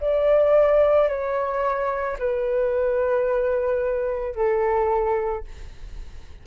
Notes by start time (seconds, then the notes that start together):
0.00 D5
1.08 C#5
2.19 B4
4.35 A4